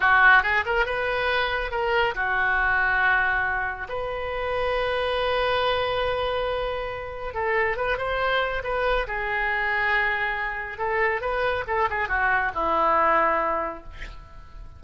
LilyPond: \new Staff \with { instrumentName = "oboe" } { \time 4/4 \tempo 4 = 139 fis'4 gis'8 ais'8 b'2 | ais'4 fis'2.~ | fis'4 b'2.~ | b'1~ |
b'4 a'4 b'8 c''4. | b'4 gis'2.~ | gis'4 a'4 b'4 a'8 gis'8 | fis'4 e'2. | }